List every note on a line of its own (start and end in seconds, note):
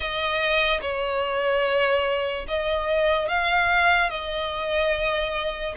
0.00 0.80 D#5
0.81 2.45 C#5
2.47 3.28 D#5
3.28 4.09 F5
4.09 5.74 D#5